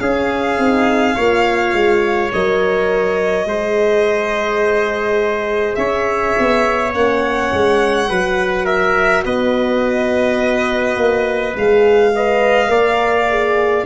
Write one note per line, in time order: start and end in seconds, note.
0.00 0.58 C#4
0.00 1.15 G#4
0.00 2.31 F5
0.58 1.16 C4
0.58 1.17 D#4
1.15 1.73 A#3
1.15 2.33 F4
1.15 3.46 C#5
1.73 2.31 G#3
2.33 3.45 F#3
2.33 3.48 A#4
2.33 5.75 D#5
3.45 5.76 G#3
3.45 6.93 G#4
3.45 5.78 C5
5.75 6.35 C#4
5.75 8.09 C#5
5.75 6.91 E5
6.39 6.94 B3
6.93 7.52 A#3
6.93 8.08 C#4
6.93 8.66 F#5
7.52 8.10 G#3
8.09 9.25 F#3
8.09 11.56 F#4
8.09 8.65 B4
8.65 9.23 A#4
8.65 9.24 E5
9.25 10.97 B3
9.25 12.13 B4
9.25 11.56 D#5
10.97 11.55 A#3
11.56 12.69 G#3
11.56 12.14 G#4
11.56 13.86 F5
12.15 12.68 B4
12.15 12.70 D#5
12.68 13.84 A#3
12.68 13.25 A#4
12.68 13.86 D5
13.30 13.86 G#4